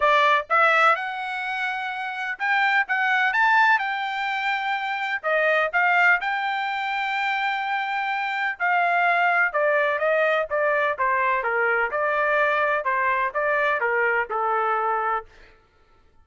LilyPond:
\new Staff \with { instrumentName = "trumpet" } { \time 4/4 \tempo 4 = 126 d''4 e''4 fis''2~ | fis''4 g''4 fis''4 a''4 | g''2. dis''4 | f''4 g''2.~ |
g''2 f''2 | d''4 dis''4 d''4 c''4 | ais'4 d''2 c''4 | d''4 ais'4 a'2 | }